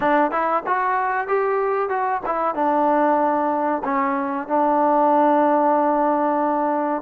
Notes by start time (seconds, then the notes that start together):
0.00 D4
0.31 E4
0.66 F#4
1.27 G4
1.89 F#4
2.26 E4
2.54 D4
3.84 C#4
4.47 D4